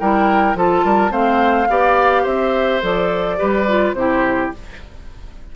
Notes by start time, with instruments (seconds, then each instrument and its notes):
0.00 bassoon G3, clarinet E4, oboe A#4, flute G5
0.55 bassoon F3, clarinet F4, oboe A4, flute A5
0.84 bassoon G3, oboe A#4
1.10 bassoon A3, clarinet C4, oboe C5, flute F5
1.69 bassoon B3, clarinet G4, oboe D5
2.23 bassoon C4, oboe C5, flute E5
2.82 bassoon F3, clarinet A4, flute D5
3.38 bassoon G3, clarinet G4, oboe B4
3.68 clarinet F4
3.94 bassoon C3, clarinet E4, oboe G4, flute C5